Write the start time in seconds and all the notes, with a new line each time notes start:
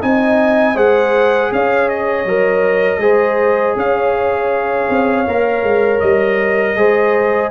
0.00 C4 D#4 D#5 G#5
0.75 G#3 G#4 C5 F#5
1.52 C#4 C#5 F5
1.89 D#5
2.25 F#3 A#4
2.98 G#3 G#4 C5
3.76 C#4 C#5 F5
4.89 C4
5.27 A#3 A#4
5.63 G#3
6.00 G3 D#5
6.76 G#3 G#4 C5